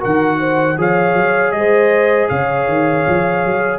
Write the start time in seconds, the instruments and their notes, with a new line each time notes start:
0.00 tuba D#3, trombone F#4, horn A#4, trumpet F#5
0.40 horn C5
0.78 tuba F3, trombone G#4, horn C#5, trumpet F5
1.14 tuba F#3
1.52 tuba G#3, horn C5, trumpet D#5
2.29 tuba C#3, horn C#5, trumpet F5
2.68 tuba D#3
3.08 tuba F3
3.45 tuba F#3